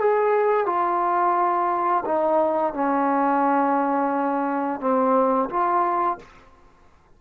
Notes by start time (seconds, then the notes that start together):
0.00 G#4
0.66 F4
2.06 D#4
2.74 C#4
4.81 C4
5.50 F4